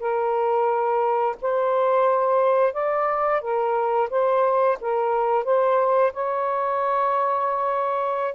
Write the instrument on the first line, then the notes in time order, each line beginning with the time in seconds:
saxophone
0.00 A#4
1.42 C5
2.74 D5
3.41 A#4
4.10 C5
4.81 A#4
5.45 C5
6.14 C#5